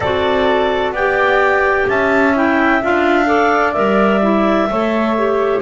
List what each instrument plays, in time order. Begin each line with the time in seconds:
0.00 double bass C4, clarinet F#4 D5, flute A4
0.91 double bass B3, flute D5, clarinet G5
0.97 clarinet G4
1.88 double bass C#4, flute E5, clarinet A5
2.34 clarinet E4 G5
2.82 double bass D4, clarinet F4 F5
3.25 clarinet A4, flute D5
3.72 double bass G3, clarinet A#4 E5
4.21 clarinet E4
4.69 double bass A3, clarinet A4, flute C#5
5.17 clarinet G4